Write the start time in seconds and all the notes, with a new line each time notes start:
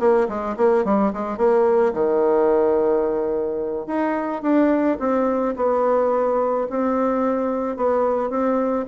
0.00 A#3
0.29 G#3
0.57 A#3
0.85 G3
1.13 G#3
1.38 A#3
1.94 D#3
3.87 D#4
4.43 D4
5.00 C4
5.57 B3
6.70 C4
7.77 B3
8.30 C4